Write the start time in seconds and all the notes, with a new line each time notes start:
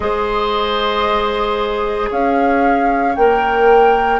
0.00 G#3 G#4 C5 D#5
2.09 C#4 C#5 F5
3.15 A#3 A#4 G5